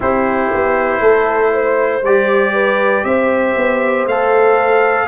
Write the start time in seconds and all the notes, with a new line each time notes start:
0.00 C4 E4 G4 C5
0.53 B3
1.00 A3 A4
1.54 C5
2.02 G3 G4 D5
2.53 B4
3.04 C4 C5 E5
3.56 B3
4.06 A3 A4 F5